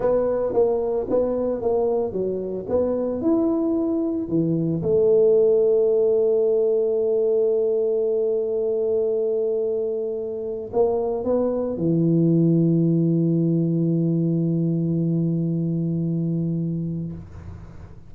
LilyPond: \new Staff \with { instrumentName = "tuba" } { \time 4/4 \tempo 4 = 112 b4 ais4 b4 ais4 | fis4 b4 e'2 | e4 a2.~ | a1~ |
a1 | ais4 b4 e2~ | e1~ | e1 | }